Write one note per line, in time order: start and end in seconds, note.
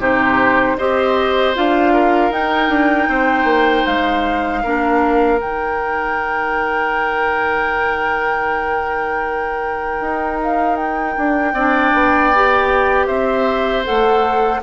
0.00 0.77 C3
0.00 0.78 D#4
0.00 0.77 G4
0.00 0.78 C5
0.78 1.56 C4
0.78 1.55 G4
0.78 1.93 C5
0.78 1.55 D#5
1.55 2.31 D4
1.55 2.32 F4
1.55 2.33 F5
1.93 3.09 A#4
2.31 2.69 D#4
2.31 4.63 D#4
2.31 3.86 G5
2.69 3.08 D4
3.08 3.44 C4
3.08 4.63 C5
3.44 3.83 A#3
3.86 4.64 G#3
3.86 5.40 F5
4.63 5.40 A#3
4.63 5.38 D4
4.63 11.54 A#4
5.38 10.01 D#3
5.38 11.54 D#4
5.38 10.41 G5
10.01 11.16 D#4
10.43 10.77 F5
10.77 13.07 G5
11.17 11.54 D4
11.54 11.92 C4
11.54 12.35 D4
11.54 13.07 D5
11.94 13.08 B3
12.35 13.85 G4
13.07 13.85 C4
13.07 14.61 C5
13.07 13.84 E5
13.85 14.62 A3
13.85 14.62 A4
13.85 14.62 F#5